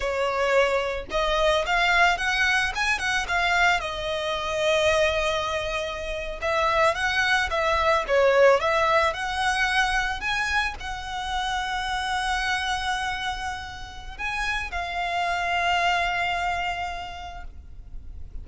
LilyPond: \new Staff \with { instrumentName = "violin" } { \time 4/4 \tempo 4 = 110 cis''2 dis''4 f''4 | fis''4 gis''8 fis''8 f''4 dis''4~ | dis''2.~ dis''8. e''16~ | e''8. fis''4 e''4 cis''4 e''16~ |
e''8. fis''2 gis''4 fis''16~ | fis''1~ | fis''2 gis''4 f''4~ | f''1 | }